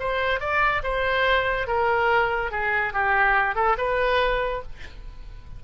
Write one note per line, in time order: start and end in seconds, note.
0.00 0.40 C5
0.40 0.82 D5
0.83 1.67 C5
1.67 2.52 A#4
2.52 2.93 G#4
2.93 3.56 G4
3.56 3.77 A4
3.78 4.63 B4